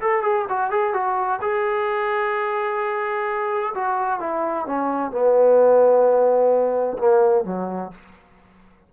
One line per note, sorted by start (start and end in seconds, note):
0.00 0.22 A4
0.22 0.45 G#4
0.48 0.70 F#4
0.70 0.93 G#4
0.93 1.40 F#4
1.41 3.73 G#4
3.74 4.19 F#4
4.19 4.66 E4
4.66 5.11 C#4
5.11 6.97 B3
6.98 7.44 A#3
7.44 7.91 F#3